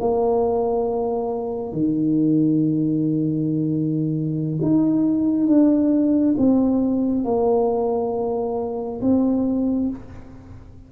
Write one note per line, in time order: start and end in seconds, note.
0.00 1.72 A#3
1.72 4.59 D#3
4.62 5.47 D#4
5.47 6.36 D4
6.38 7.25 C4
7.25 9.01 A#3
9.02 9.90 C4